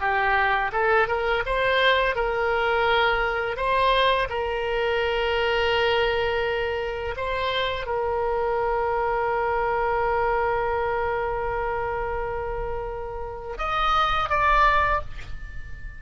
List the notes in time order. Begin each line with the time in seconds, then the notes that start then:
0.00 G4
0.72 A4
1.08 A#4
1.46 C5
2.16 A#4
3.57 C5
4.30 A#4
7.17 C5
7.86 A#4
13.58 D#5
14.30 D5